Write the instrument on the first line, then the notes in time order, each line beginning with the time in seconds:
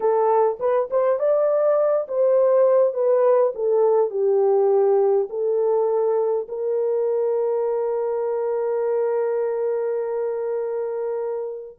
horn
0.00 A4
0.59 B4
0.90 C5
1.19 D5
2.08 C5
2.93 B4
3.54 A4
4.10 G4
5.29 A4
6.48 A#4